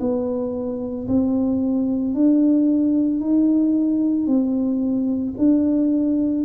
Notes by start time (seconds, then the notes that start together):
0.00 B3
1.08 C4
2.14 D4
3.20 D#4
4.27 C4
5.38 D4